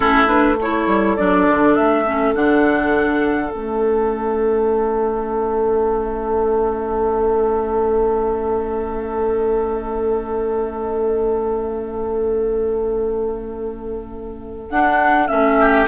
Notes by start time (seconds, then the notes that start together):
0.00 A3 C#4 E4 A4
0.26 D4 B4
0.58 E4 A4 C#5
0.87 G3
1.16 F#3 D4 D5
1.48 D3
1.75 A3 E5
2.06 C#4
2.34 D3 D4 F#5
3.49 A3 C#4 E5
14.70 D4 F#5
15.28 A3 C#4 E5
15.60 G4